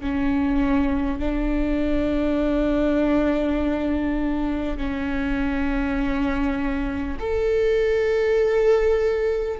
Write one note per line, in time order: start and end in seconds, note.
0.00 1.19 C#4
1.19 4.77 D4
4.77 7.17 C#4
7.19 9.59 A4